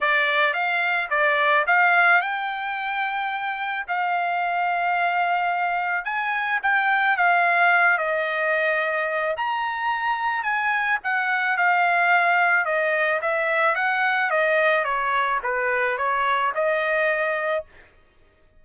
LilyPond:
\new Staff \with { instrumentName = "trumpet" } { \time 4/4 \tempo 4 = 109 d''4 f''4 d''4 f''4 | g''2. f''4~ | f''2. gis''4 | g''4 f''4. dis''4.~ |
dis''4 ais''2 gis''4 | fis''4 f''2 dis''4 | e''4 fis''4 dis''4 cis''4 | b'4 cis''4 dis''2 | }